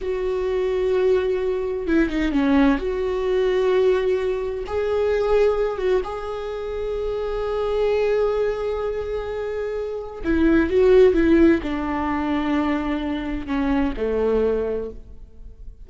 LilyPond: \new Staff \with { instrumentName = "viola" } { \time 4/4 \tempo 4 = 129 fis'1 | e'8 dis'8 cis'4 fis'2~ | fis'2 gis'2~ | gis'8 fis'8 gis'2.~ |
gis'1~ | gis'2 e'4 fis'4 | e'4 d'2.~ | d'4 cis'4 a2 | }